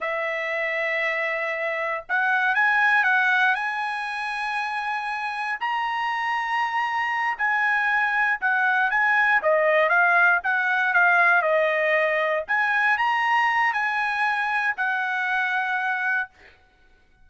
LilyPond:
\new Staff \with { instrumentName = "trumpet" } { \time 4/4 \tempo 4 = 118 e''1 | fis''4 gis''4 fis''4 gis''4~ | gis''2. ais''4~ | ais''2~ ais''8 gis''4.~ |
gis''8 fis''4 gis''4 dis''4 f''8~ | f''8 fis''4 f''4 dis''4.~ | dis''8 gis''4 ais''4. gis''4~ | gis''4 fis''2. | }